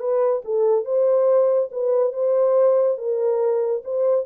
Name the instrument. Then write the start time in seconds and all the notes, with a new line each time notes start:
horn
0.00 B4
0.45 A4
0.85 C5
1.72 B4
2.13 C5
2.98 A#4
3.84 C5